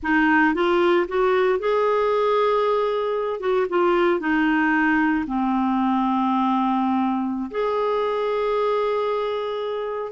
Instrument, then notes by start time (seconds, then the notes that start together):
clarinet
0.02 D#4
0.54 F4
1.08 F#4
1.59 G#4
3.39 F#4
3.69 F4
4.20 D#4
5.26 C4
7.50 G#4